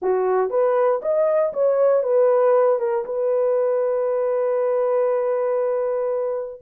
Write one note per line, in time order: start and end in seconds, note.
0.02 0.49 F#4
0.49 1.00 B4
1.02 1.53 D#5
1.53 2.03 C#5
2.03 2.79 B4
2.79 3.04 A#4
3.05 6.61 B4